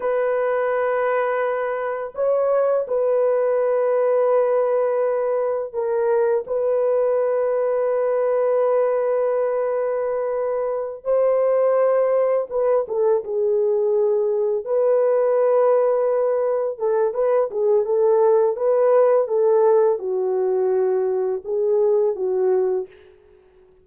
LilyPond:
\new Staff \with { instrumentName = "horn" } { \time 4/4 \tempo 4 = 84 b'2. cis''4 | b'1 | ais'4 b'2.~ | b'2.~ b'8 c''8~ |
c''4. b'8 a'8 gis'4.~ | gis'8 b'2. a'8 | b'8 gis'8 a'4 b'4 a'4 | fis'2 gis'4 fis'4 | }